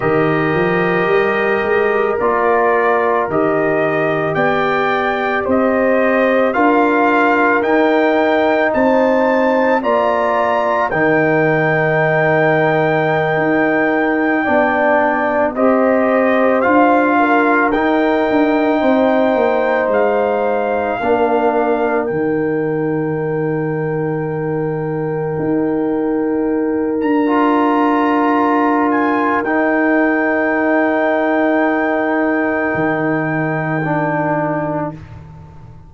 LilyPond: <<
  \new Staff \with { instrumentName = "trumpet" } { \time 4/4 \tempo 4 = 55 dis''2 d''4 dis''4 | g''4 dis''4 f''4 g''4 | a''4 ais''4 g''2~ | g''2~ g''16 dis''4 f''8.~ |
f''16 g''2 f''4.~ f''16~ | f''16 g''2.~ g''8.~ | g''8. ais''4.~ ais''16 gis''8 g''4~ | g''1 | }
  \new Staff \with { instrumentName = "horn" } { \time 4/4 ais'1 | d''4 c''4 ais'2 | c''4 d''4 ais'2~ | ais'4~ ais'16 d''4 c''4. ais'16~ |
ais'4~ ais'16 c''2 ais'8.~ | ais'1~ | ais'1~ | ais'1 | }
  \new Staff \with { instrumentName = "trombone" } { \time 4/4 g'2 f'4 g'4~ | g'2 f'4 dis'4~ | dis'4 f'4 dis'2~ | dis'4~ dis'16 d'4 g'4 f'8.~ |
f'16 dis'2. d'8.~ | d'16 dis'2.~ dis'8.~ | dis'4 f'2 dis'4~ | dis'2. d'4 | }
  \new Staff \with { instrumentName = "tuba" } { \time 4/4 dis8 f8 g8 gis8 ais4 dis4 | b4 c'4 d'4 dis'4 | c'4 ais4 dis2~ | dis16 dis'4 b4 c'4 d'8.~ |
d'16 dis'8 d'8 c'8 ais8 gis4 ais8.~ | ais16 dis2. dis'8.~ | dis'8. d'2~ d'16 dis'4~ | dis'2 dis2 | }
>>